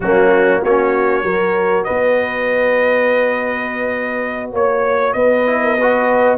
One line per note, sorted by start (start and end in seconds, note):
0.00 0.61 F#3
0.00 0.66 A#3
0.00 0.61 C#4
0.00 0.63 F#4
0.61 1.23 A#3
0.61 1.25 C#4
0.61 1.23 F#4
0.61 1.84 C#5
1.23 1.85 F#3
1.23 5.46 F#4
1.23 1.86 A#4
1.84 4.52 B3
1.84 4.51 B4
1.84 4.49 D#5
4.52 5.14 A#3
4.52 5.14 C#5
4.52 5.13 C#5
5.13 6.38 B3
5.13 5.62 B4
5.13 6.38 D#5
5.46 5.77 E4
5.62 5.77 A#4
5.77 6.38 F#4
5.77 6.38 B4